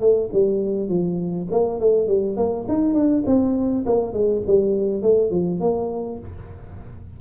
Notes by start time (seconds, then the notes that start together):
0.00 A3
0.32 G3
0.88 F3
1.51 A#3
1.80 A3
2.07 G3
2.36 A#3
2.68 D#4
2.94 D4
3.26 C4
3.86 A#3
4.13 G#3
4.47 G3
5.02 A3
5.30 F3
5.60 A#3